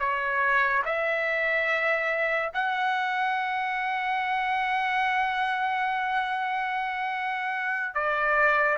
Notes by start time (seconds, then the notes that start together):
0.00 C#5
0.86 E5
2.54 F#5
7.95 D5